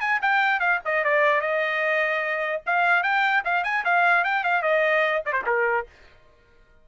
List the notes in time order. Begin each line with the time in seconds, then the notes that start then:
0.00 G#5
0.22 G5
0.59 F5
0.85 D#5
1.04 D5
1.41 D#5
2.66 F5
3.03 G5
3.44 F5
3.64 G#5
3.85 F5
4.24 G5
4.44 F5
4.62 D#5
5.26 D5
5.33 C5
5.46 A#4